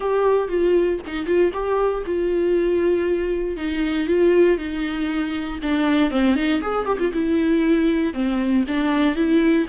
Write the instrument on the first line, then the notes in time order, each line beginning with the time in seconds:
viola
0.00 G4
0.48 F4
1.07 D#4
1.26 F4
1.53 G4
2.06 F4
3.56 D#4
4.07 F4
4.57 D#4
5.62 D4
6.10 C4
6.35 D#4
6.61 G#4
6.85 G4
6.99 F4
7.13 E4
8.13 C4
8.67 D4
9.15 E4